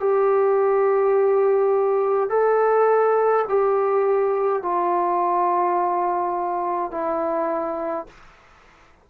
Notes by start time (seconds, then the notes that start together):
0.00 G4
2.30 A4
3.48 G4
4.62 F4
6.91 E4